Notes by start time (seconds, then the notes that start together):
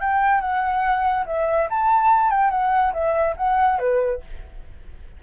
0.00 G5
0.41 F#5
1.26 E5
1.70 A5
2.30 G5
2.50 F#5
2.93 E5
3.37 F#5
3.79 B4